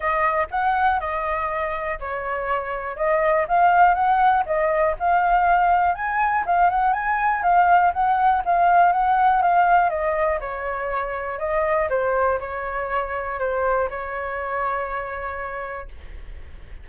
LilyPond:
\new Staff \with { instrumentName = "flute" } { \time 4/4 \tempo 4 = 121 dis''4 fis''4 dis''2 | cis''2 dis''4 f''4 | fis''4 dis''4 f''2 | gis''4 f''8 fis''8 gis''4 f''4 |
fis''4 f''4 fis''4 f''4 | dis''4 cis''2 dis''4 | c''4 cis''2 c''4 | cis''1 | }